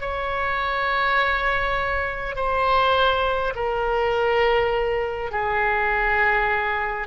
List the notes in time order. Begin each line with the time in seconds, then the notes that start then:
0.00 C#5
2.35 C5
3.55 A#4
5.31 G#4